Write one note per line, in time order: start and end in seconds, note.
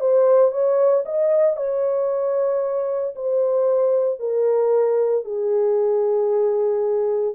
0.00 0.51 C5
0.51 1.04 C#5
1.05 1.57 D#5
1.57 3.15 C#5
3.15 4.20 C5
4.20 5.24 A#4
5.24 7.35 G#4